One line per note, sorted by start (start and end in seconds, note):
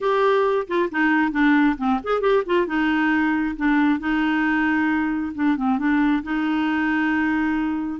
0.00 0.67 G4
0.67 0.89 F4
0.91 1.31 D#4
1.31 1.76 D4
1.77 1.99 C4
2.03 2.21 G#4
2.21 2.43 G4
2.45 2.66 F4
2.66 3.55 D#4
3.56 3.99 D4
3.99 5.33 D#4
5.35 5.57 D4
5.57 5.78 C4
5.78 6.22 D4
6.23 8.00 D#4